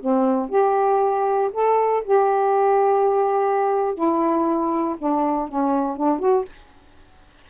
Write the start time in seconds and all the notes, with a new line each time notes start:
0.00 C4
0.49 G4
1.53 A4
2.04 G4
3.94 E4
4.98 D4
5.48 C#4
5.96 D4
6.19 F#4